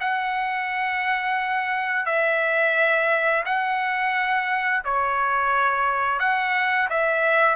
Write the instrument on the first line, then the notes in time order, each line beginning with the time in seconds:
trumpet
0.00 F#5
2.06 E5
3.45 F#5
4.84 C#5
6.19 F#5
6.89 E5